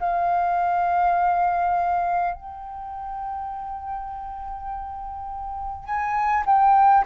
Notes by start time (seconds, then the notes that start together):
0.00 F5
2.35 G5
5.86 G#5
6.46 G5